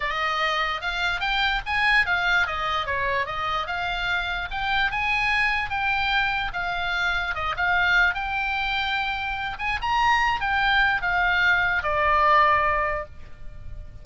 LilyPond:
\new Staff \with { instrumentName = "oboe" } { \time 4/4 \tempo 4 = 147 dis''2 f''4 g''4 | gis''4 f''4 dis''4 cis''4 | dis''4 f''2 g''4 | gis''2 g''2 |
f''2 dis''8 f''4. | g''2.~ g''8 gis''8 | ais''4. g''4. f''4~ | f''4 d''2. | }